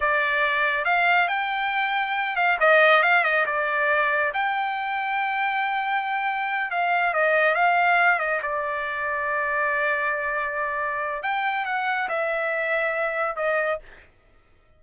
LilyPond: \new Staff \with { instrumentName = "trumpet" } { \time 4/4 \tempo 4 = 139 d''2 f''4 g''4~ | g''4. f''8 dis''4 f''8 dis''8 | d''2 g''2~ | g''2.~ g''8 f''8~ |
f''8 dis''4 f''4. dis''8 d''8~ | d''1~ | d''2 g''4 fis''4 | e''2. dis''4 | }